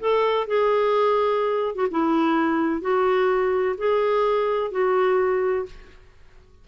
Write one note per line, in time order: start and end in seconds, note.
0.00 0.47 A4
0.47 1.75 G#4
1.75 1.87 F#4
1.90 2.81 E4
2.81 3.76 F#4
3.77 4.71 G#4
4.71 5.66 F#4